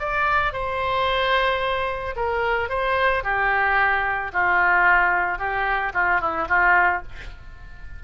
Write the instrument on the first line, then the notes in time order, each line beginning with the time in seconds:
oboe
0.00 D5
0.53 C5
2.16 A#4
2.70 C5
3.24 G4
4.33 F4
5.39 G4
5.94 F4
6.21 E4
6.49 F4